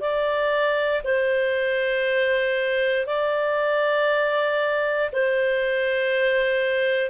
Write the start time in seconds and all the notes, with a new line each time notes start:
0.00 D5
1.04 C5
3.06 D5
5.13 C5